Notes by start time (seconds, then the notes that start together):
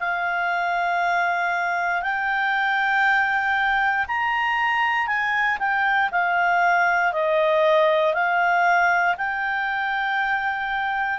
0.00 F5
2.02 G5
4.08 A#5
5.08 G#5
5.60 G5
6.12 F5
7.13 D#5
8.14 F5
9.18 G5